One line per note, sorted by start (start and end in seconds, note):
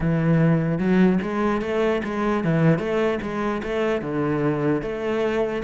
0.00 0.78 E3
0.78 1.18 F#3
1.22 1.61 G#3
1.61 2.02 A3
2.04 2.44 G#3
2.44 2.78 E3
2.78 3.18 A3
3.21 3.62 G#3
3.62 4.01 A3
4.01 4.82 D3
4.82 5.62 A3